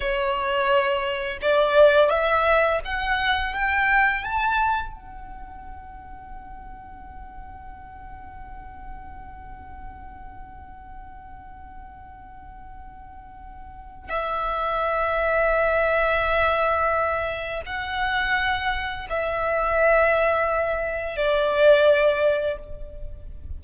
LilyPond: \new Staff \with { instrumentName = "violin" } { \time 4/4 \tempo 4 = 85 cis''2 d''4 e''4 | fis''4 g''4 a''4 fis''4~ | fis''1~ | fis''1~ |
fis''1 | e''1~ | e''4 fis''2 e''4~ | e''2 d''2 | }